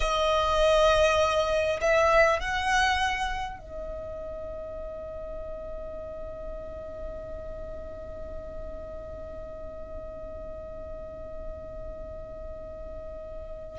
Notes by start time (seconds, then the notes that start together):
0.00 D#5
1.81 E5
2.39 F#5
3.59 D#5